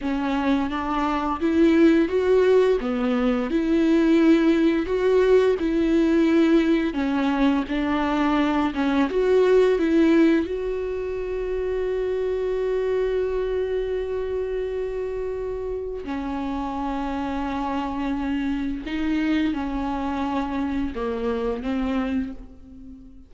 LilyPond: \new Staff \with { instrumentName = "viola" } { \time 4/4 \tempo 4 = 86 cis'4 d'4 e'4 fis'4 | b4 e'2 fis'4 | e'2 cis'4 d'4~ | d'8 cis'8 fis'4 e'4 fis'4~ |
fis'1~ | fis'2. cis'4~ | cis'2. dis'4 | cis'2 ais4 c'4 | }